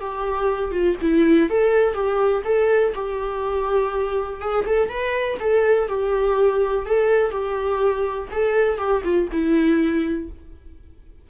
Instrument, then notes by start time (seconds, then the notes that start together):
viola
0.00 G4
0.71 F4
1.01 E4
1.49 A4
1.93 G4
2.44 A4
2.94 G4
4.40 G#4
4.66 A4
4.89 B4
5.39 A4
5.88 G4
6.85 A4
7.31 G4
8.31 A4
8.77 G4
9.03 F4
9.31 E4